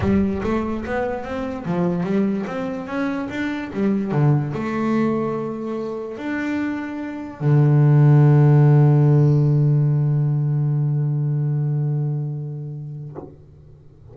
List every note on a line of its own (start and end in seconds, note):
0.00 0.41 G3
0.43 0.84 A3
0.85 1.23 B3
1.23 1.65 C4
1.65 2.03 F3
2.03 2.44 G3
2.47 2.87 C4
2.87 3.28 C#4
3.30 3.71 D4
3.73 4.11 G3
4.11 4.52 D3
4.53 6.17 A3
6.17 7.40 D4
7.40 13.15 D3